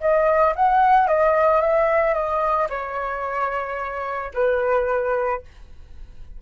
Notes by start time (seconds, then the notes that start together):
0.00 D#5
0.55 F#5
1.07 D#5
1.61 E5
2.14 D#5
2.69 C#5
4.33 B4